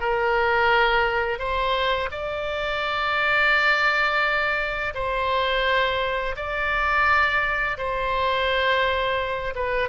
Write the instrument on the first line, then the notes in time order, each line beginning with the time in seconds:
oboe
0.00 A#4
1.39 C5
2.11 D5
4.94 C5
6.36 D5
7.77 C5
9.55 B4